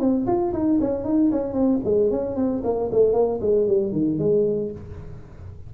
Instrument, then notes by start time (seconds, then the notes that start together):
tuba
0.00 C4
0.27 F4
0.53 D#4
0.81 C#4
1.04 D#4
1.32 C#4
1.53 C4
1.84 G#3
2.11 C#4
2.36 C4
2.64 A#3
2.92 A3
3.13 A#3
3.41 G#3
3.67 G3
3.92 D#3
4.19 G#3